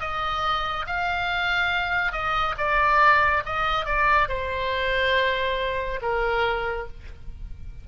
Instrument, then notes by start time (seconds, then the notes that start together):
oboe
0.00 D#5
0.86 F5
2.12 D#5
2.58 D5
3.45 D#5
3.85 D5
4.29 C5
6.02 A#4